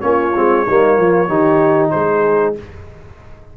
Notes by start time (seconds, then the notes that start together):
0.00 A#3 C#4 F4 C#5
0.35 G#3 C4
0.65 G3 A#3 D#4
0.97 F3 F4
1.27 D#3 D#4 G4
1.90 G#3 G#4 C5